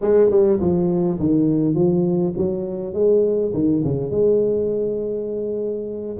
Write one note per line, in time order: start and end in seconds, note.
0.01 0.30 G#3
0.30 0.59 G3
0.60 1.19 F3
1.19 1.74 D#3
1.74 2.33 F3
2.37 2.93 F#3
2.93 3.52 G#3
3.53 3.83 D#3
3.84 4.10 C#3
4.10 6.16 G#3